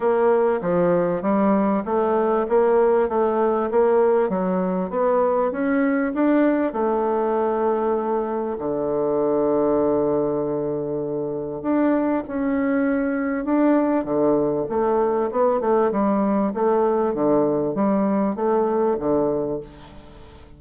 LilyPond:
\new Staff \with { instrumentName = "bassoon" } { \time 4/4 \tempo 4 = 98 ais4 f4 g4 a4 | ais4 a4 ais4 fis4 | b4 cis'4 d'4 a4~ | a2 d2~ |
d2. d'4 | cis'2 d'4 d4 | a4 b8 a8 g4 a4 | d4 g4 a4 d4 | }